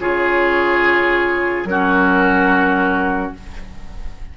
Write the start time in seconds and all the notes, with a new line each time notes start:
0.00 C#3 F4 G#4 C#5
1.64 F#3 C#4 A#4
1.70 F#4